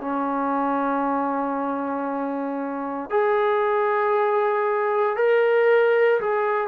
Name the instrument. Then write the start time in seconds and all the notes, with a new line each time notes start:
trombone
0.00 C#4
3.09 G#4
5.16 A#4
6.20 G#4